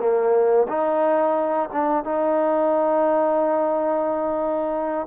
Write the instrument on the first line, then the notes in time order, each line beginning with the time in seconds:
trombone
0.00 A#3
0.69 D#4
1.72 D4
2.04 D#4